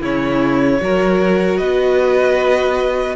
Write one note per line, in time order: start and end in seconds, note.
0.00 0.80 C#3
0.00 0.81 C#4
0.00 0.79 E4
0.00 1.57 C#5
0.81 1.59 F#3
0.81 3.15 F#4
0.81 1.59 A#4
1.57 3.15 B3
1.57 3.15 B4
1.57 3.15 D#5